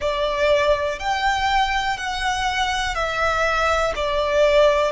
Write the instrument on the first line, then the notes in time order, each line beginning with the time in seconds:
violin
0.00 D5
0.99 G5
1.97 F#5
2.95 E5
3.95 D5